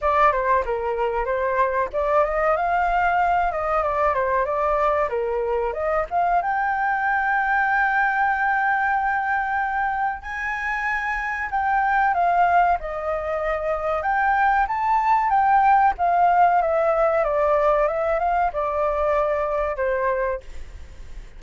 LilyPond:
\new Staff \with { instrumentName = "flute" } { \time 4/4 \tempo 4 = 94 d''8 c''8 ais'4 c''4 d''8 dis''8 | f''4. dis''8 d''8 c''8 d''4 | ais'4 dis''8 f''8 g''2~ | g''1 |
gis''2 g''4 f''4 | dis''2 g''4 a''4 | g''4 f''4 e''4 d''4 | e''8 f''8 d''2 c''4 | }